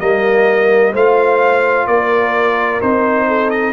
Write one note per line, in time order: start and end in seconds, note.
0.00 0.94 G3
0.00 0.94 A#3
0.00 0.93 A#4
0.00 0.94 D#5
0.93 1.87 A3
0.93 2.81 F4
0.93 1.87 C5
0.93 1.87 F5
1.87 2.81 A#3
1.87 3.28 A#4
1.87 2.81 D5
2.81 3.73 C4
2.81 3.73 D#4
2.81 3.50 C5
3.28 3.73 A4
3.50 3.73 D#5